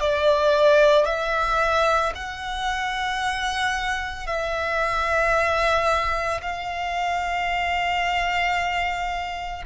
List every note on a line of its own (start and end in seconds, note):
0.00 1.05 D5
1.05 2.12 E5
2.15 4.27 F#5
4.27 6.41 E5
6.42 9.63 F5